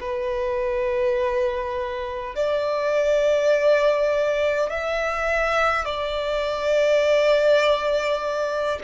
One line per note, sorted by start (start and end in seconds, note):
0.00 2.35 B4
2.35 4.70 D5
4.70 5.84 E5
5.84 8.79 D5